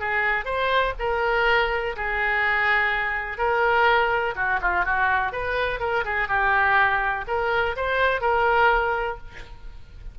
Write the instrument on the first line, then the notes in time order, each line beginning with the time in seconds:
oboe
0.00 G#4
0.45 C5
0.99 A#4
1.96 G#4
3.38 A#4
4.36 F#4
4.62 F4
4.85 F#4
5.32 B4
5.80 A#4
6.05 G#4
6.29 G4
7.28 A#4
7.76 C5
8.21 A#4